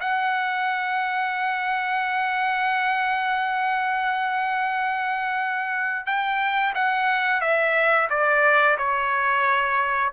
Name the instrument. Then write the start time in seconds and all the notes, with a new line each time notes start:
trumpet
0.00 F#5
6.06 G5
6.75 F#5
7.41 E5
8.10 D5
8.78 C#5